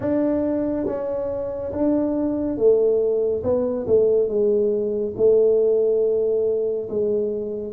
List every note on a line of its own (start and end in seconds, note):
0.00 0.86 D4
0.86 1.71 C#4
1.72 2.57 D4
2.57 3.42 A3
3.43 3.86 B3
3.86 4.28 A3
4.28 5.14 G#3
5.17 6.88 A3
6.89 7.72 G#3